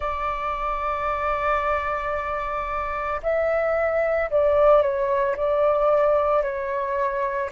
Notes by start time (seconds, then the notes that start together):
0.00 D5
3.22 E5
4.30 D5
4.82 C#5
5.36 D5
6.42 C#5